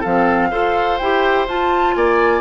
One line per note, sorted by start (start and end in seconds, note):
0.00 0.52 F3
0.00 0.51 C4
0.00 0.48 A4
0.00 0.98 F5
0.51 0.99 F4
0.51 0.99 A4
0.51 1.95 C5
0.98 1.47 E4
0.98 1.48 G4
0.98 1.46 G5
1.47 1.95 F4
1.47 2.41 F4
1.47 1.95 A5
1.95 2.41 A#3
1.95 2.41 D5
1.95 2.41 G#5